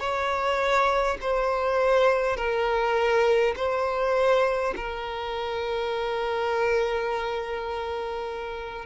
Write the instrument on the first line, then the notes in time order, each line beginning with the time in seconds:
violin
0.00 C#5
1.21 C5
2.37 A#4
3.57 C5
4.76 A#4